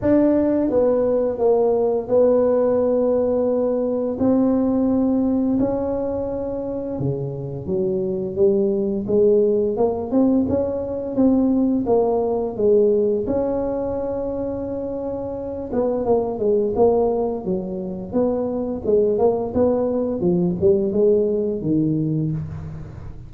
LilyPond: \new Staff \with { instrumentName = "tuba" } { \time 4/4 \tempo 4 = 86 d'4 b4 ais4 b4~ | b2 c'2 | cis'2 cis4 fis4 | g4 gis4 ais8 c'8 cis'4 |
c'4 ais4 gis4 cis'4~ | cis'2~ cis'8 b8 ais8 gis8 | ais4 fis4 b4 gis8 ais8 | b4 f8 g8 gis4 dis4 | }